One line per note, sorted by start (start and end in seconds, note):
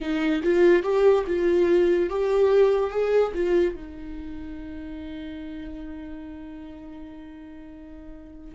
0.00 0.42 D#4
0.43 0.82 F4
0.82 1.24 G4
1.26 2.09 F4
2.09 2.90 G4
2.90 3.32 G#4
3.34 3.75 F4
3.75 8.54 D#4